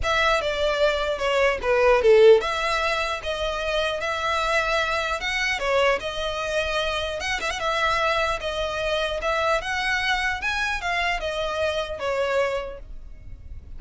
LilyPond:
\new Staff \with { instrumentName = "violin" } { \time 4/4 \tempo 4 = 150 e''4 d''2 cis''4 | b'4 a'4 e''2 | dis''2 e''2~ | e''4 fis''4 cis''4 dis''4~ |
dis''2 fis''8 e''16 fis''16 e''4~ | e''4 dis''2 e''4 | fis''2 gis''4 f''4 | dis''2 cis''2 | }